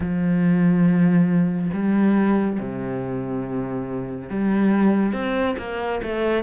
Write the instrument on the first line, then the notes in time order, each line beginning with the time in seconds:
cello
0.00 F3
1.73 G3
2.59 C3
4.29 G3
5.12 C4
5.58 A#3
6.02 A3